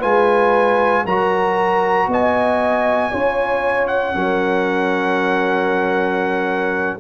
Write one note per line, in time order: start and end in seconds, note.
0.00 1.06 G#3
0.00 1.05 F4
0.00 1.03 B4
0.00 1.06 G#5
1.05 2.08 F#3
1.05 3.12 F#4
1.05 2.08 A#4
1.05 2.10 A#5
2.08 3.11 B3
2.08 3.11 D#5
2.08 3.87 G#5
3.11 4.16 C#4
3.11 4.14 F4
3.11 4.15 C#5
3.87 6.98 F#5
4.14 7.00 F#3
4.14 6.99 C#4
4.14 7.00 A#4